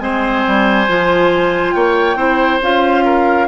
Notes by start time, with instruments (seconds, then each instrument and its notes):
0.00 bassoon G#3, clarinet C4, oboe C5, flute G#5
0.47 bassoon G3
0.88 bassoon F3, clarinet F4
1.72 bassoon A#3, oboe C#5, flute G5
2.16 bassoon C4, clarinet E4, oboe C5
2.62 bassoon C#4, clarinet F4, flute F5
3.05 oboe A#4